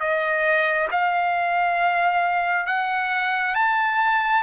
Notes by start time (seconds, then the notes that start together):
0.00 D#5
0.91 F5
2.67 F#5
3.55 A5